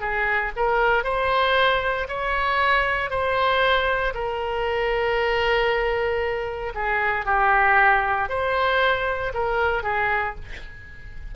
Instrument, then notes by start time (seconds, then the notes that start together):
oboe
0.00 G#4
0.56 A#4
1.03 C5
2.08 C#5
3.10 C5
4.14 A#4
6.74 G#4
7.25 G4
8.29 C5
9.33 A#4
9.83 G#4